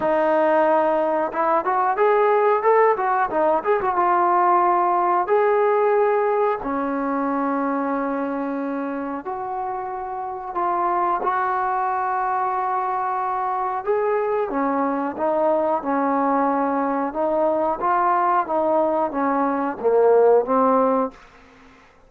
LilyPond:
\new Staff \with { instrumentName = "trombone" } { \time 4/4 \tempo 4 = 91 dis'2 e'8 fis'8 gis'4 | a'8 fis'8 dis'8 gis'16 fis'16 f'2 | gis'2 cis'2~ | cis'2 fis'2 |
f'4 fis'2.~ | fis'4 gis'4 cis'4 dis'4 | cis'2 dis'4 f'4 | dis'4 cis'4 ais4 c'4 | }